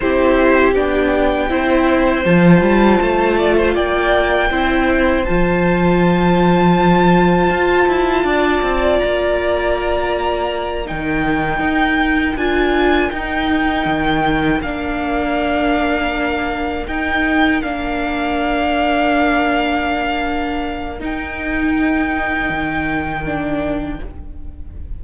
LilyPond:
<<
  \new Staff \with { instrumentName = "violin" } { \time 4/4 \tempo 4 = 80 c''4 g''2 a''4~ | a''4 g''2 a''4~ | a''1 | ais''2~ ais''8 g''4.~ |
g''8 gis''4 g''2 f''8~ | f''2~ f''8 g''4 f''8~ | f''1 | g''1 | }
  \new Staff \with { instrumentName = "violin" } { \time 4/4 g'2 c''2~ | c''8 d''16 c''16 d''4 c''2~ | c''2. d''4~ | d''2~ d''8 ais'4.~ |
ais'1~ | ais'1~ | ais'1~ | ais'1 | }
  \new Staff \with { instrumentName = "viola" } { \time 4/4 e'4 d'4 e'4 f'4~ | f'2 e'4 f'4~ | f'1~ | f'2~ f'8 dis'4.~ |
dis'8 f'4 dis'2 d'8~ | d'2~ d'8 dis'4 d'8~ | d'1 | dis'2. d'4 | }
  \new Staff \with { instrumentName = "cello" } { \time 4/4 c'4 b4 c'4 f8 g8 | a4 ais4 c'4 f4~ | f2 f'8 e'8 d'8 c'8 | ais2~ ais8 dis4 dis'8~ |
dis'8 d'4 dis'4 dis4 ais8~ | ais2~ ais8 dis'4 ais8~ | ais1 | dis'2 dis2 | }
>>